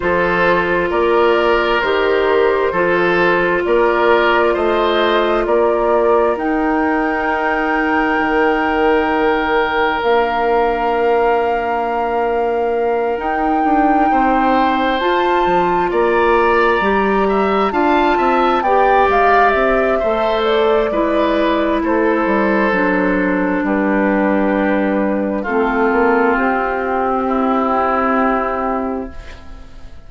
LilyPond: <<
  \new Staff \with { instrumentName = "flute" } { \time 4/4 \tempo 4 = 66 c''4 d''4 c''2 | d''4 dis''4 d''4 g''4~ | g''2. f''4~ | f''2~ f''8 g''4.~ |
g''8 a''4 ais''2 a''8~ | a''8 g''8 f''8 e''4 d''4. | c''2 b'2 | a'4 g'2. | }
  \new Staff \with { instrumentName = "oboe" } { \time 4/4 a'4 ais'2 a'4 | ais'4 c''4 ais'2~ | ais'1~ | ais'2.~ ais'8 c''8~ |
c''4. d''4. e''8 f''8 | e''8 d''4. c''4 b'4 | a'2 g'2 | f'2 e'2 | }
  \new Staff \with { instrumentName = "clarinet" } { \time 4/4 f'2 g'4 f'4~ | f'2. dis'4~ | dis'2. d'4~ | d'2~ d'8 dis'4.~ |
dis'8 f'2 g'4 f'8~ | f'8 g'4. a'4 e'4~ | e'4 d'2. | c'1 | }
  \new Staff \with { instrumentName = "bassoon" } { \time 4/4 f4 ais4 dis4 f4 | ais4 a4 ais4 dis'4~ | dis'4 dis2 ais4~ | ais2~ ais8 dis'8 d'8 c'8~ |
c'8 f'8 f8 ais4 g4 d'8 | c'8 b8 gis8 c'8 a4 gis4 | a8 g8 fis4 g2 | a8 ais8 c'2. | }
>>